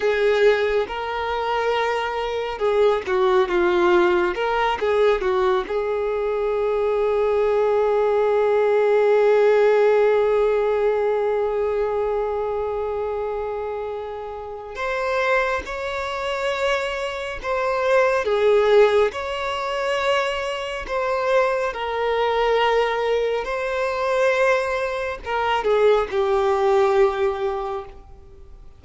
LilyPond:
\new Staff \with { instrumentName = "violin" } { \time 4/4 \tempo 4 = 69 gis'4 ais'2 gis'8 fis'8 | f'4 ais'8 gis'8 fis'8 gis'4.~ | gis'1~ | gis'1~ |
gis'4 c''4 cis''2 | c''4 gis'4 cis''2 | c''4 ais'2 c''4~ | c''4 ais'8 gis'8 g'2 | }